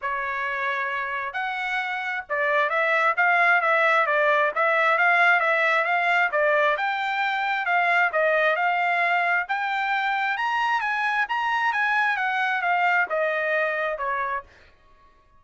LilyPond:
\new Staff \with { instrumentName = "trumpet" } { \time 4/4 \tempo 4 = 133 cis''2. fis''4~ | fis''4 d''4 e''4 f''4 | e''4 d''4 e''4 f''4 | e''4 f''4 d''4 g''4~ |
g''4 f''4 dis''4 f''4~ | f''4 g''2 ais''4 | gis''4 ais''4 gis''4 fis''4 | f''4 dis''2 cis''4 | }